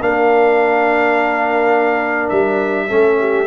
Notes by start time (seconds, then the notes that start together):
0.00 A#3 D4 A#4 F5
2.29 G3 E5
2.87 A3 C#4 A4
3.19 G4